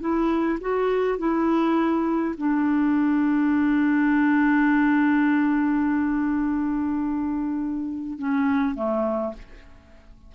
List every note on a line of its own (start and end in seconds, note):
0.00 0.58 E4
0.61 1.18 F#4
1.18 2.35 E4
2.37 8.18 D4
8.18 8.75 C#4
8.75 9.33 A3